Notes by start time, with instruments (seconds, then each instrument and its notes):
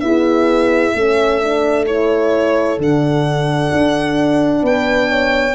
0.00 horn B3 G#4, tuba E4, violin E5
0.94 tuba A3, horn C#4 A4
1.41 horn D4
1.86 horn E4, violin C#5
2.78 tuba D3, horn D4, violin F#5
3.72 tuba D4
4.62 tuba B3, horn B4, violin G5
5.09 horn C#5